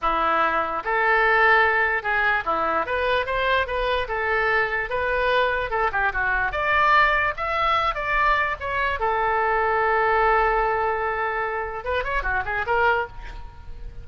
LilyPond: \new Staff \with { instrumentName = "oboe" } { \time 4/4 \tempo 4 = 147 e'2 a'2~ | a'4 gis'4 e'4 b'4 | c''4 b'4 a'2 | b'2 a'8 g'8 fis'4 |
d''2 e''4. d''8~ | d''4 cis''4 a'2~ | a'1~ | a'4 b'8 cis''8 fis'8 gis'8 ais'4 | }